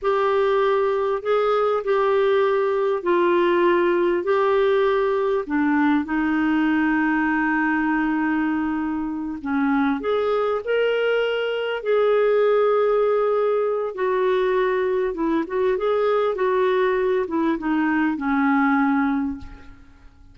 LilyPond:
\new Staff \with { instrumentName = "clarinet" } { \time 4/4 \tempo 4 = 99 g'2 gis'4 g'4~ | g'4 f'2 g'4~ | g'4 d'4 dis'2~ | dis'2.~ dis'8 cis'8~ |
cis'8 gis'4 ais'2 gis'8~ | gis'2. fis'4~ | fis'4 e'8 fis'8 gis'4 fis'4~ | fis'8 e'8 dis'4 cis'2 | }